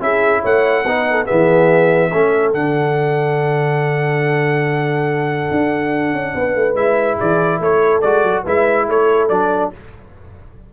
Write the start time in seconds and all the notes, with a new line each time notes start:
0.00 C#4 E4 G#4 E5
0.41 A3 C#5 F#5
0.85 B3 D#4 B4
1.10 A4
1.25 E3 B3 G#4 E5
2.10 A3 C#4 A4
2.53 D3 D4 F#5
5.51 D4
6.12 C#4
6.34 B3 B4
6.55 A3
6.74 G#3 E4 E5
7.17 E3 G#4 D5
7.59 A3 A4 C#5
8.01 G#3 F#4 D5
8.23 F#3
8.44 G#3 E4 B4 E5
8.88 A3 A4 C#5
9.28 F#3 D4 D5